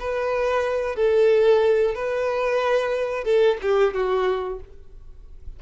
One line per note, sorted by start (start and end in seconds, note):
0.00 0.97 B4
0.97 1.95 A4
1.95 3.25 B4
3.25 3.58 A4
3.62 3.94 G4
3.94 4.60 F#4